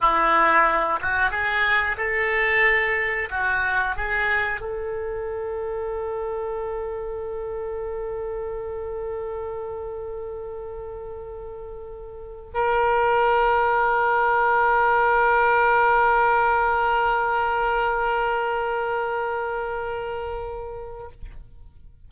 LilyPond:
\new Staff \with { instrumentName = "oboe" } { \time 4/4 \tempo 4 = 91 e'4. fis'8 gis'4 a'4~ | a'4 fis'4 gis'4 a'4~ | a'1~ | a'1~ |
a'2. ais'4~ | ais'1~ | ais'1~ | ais'1 | }